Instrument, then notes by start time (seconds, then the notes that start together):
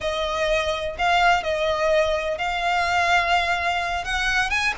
violin
0.01 D#5
0.98 F5
1.43 D#5
2.37 F5
4.04 F#5
4.49 G#5